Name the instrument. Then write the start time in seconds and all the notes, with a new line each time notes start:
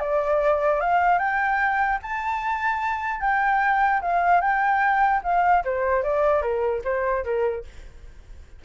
flute
0.00 D5
0.81 F5
1.19 G5
2.03 A5
3.21 G5
4.02 F5
4.41 G5
5.24 F5
5.65 C5
6.03 D5
6.42 A#4
6.85 C5
7.25 A#4